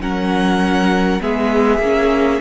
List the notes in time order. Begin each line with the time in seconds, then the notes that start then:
0.00 F#3 C#4 A#4 F#5
1.20 G#3 B3 G#4 E5
1.78 A#3 C#4